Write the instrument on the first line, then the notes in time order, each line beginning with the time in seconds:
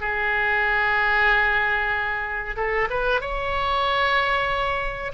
oboe
0.00 G#4
2.56 A4
2.90 B4
3.20 C#5